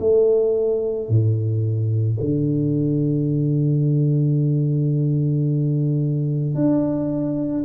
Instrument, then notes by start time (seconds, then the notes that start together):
tuba
0.00 A3
1.09 A2
2.20 D3
6.55 D4